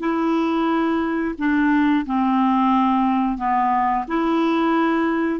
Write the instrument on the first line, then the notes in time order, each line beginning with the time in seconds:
clarinet
0.00 E4
1.38 D4
2.06 C4
3.38 B3
4.08 E4